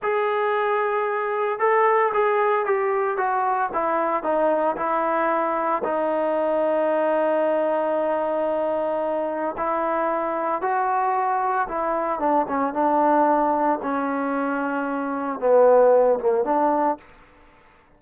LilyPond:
\new Staff \with { instrumentName = "trombone" } { \time 4/4 \tempo 4 = 113 gis'2. a'4 | gis'4 g'4 fis'4 e'4 | dis'4 e'2 dis'4~ | dis'1~ |
dis'2 e'2 | fis'2 e'4 d'8 cis'8 | d'2 cis'2~ | cis'4 b4. ais8 d'4 | }